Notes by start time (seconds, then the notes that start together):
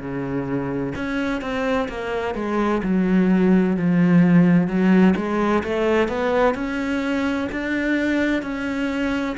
0.00 C#3
0.95 C#4
1.41 C4
1.88 A#3
2.35 G#3
2.83 F#3
3.76 F3
4.67 F#3
5.16 G#3
5.63 A3
6.08 B3
6.55 C#4
7.52 D4
8.42 C#4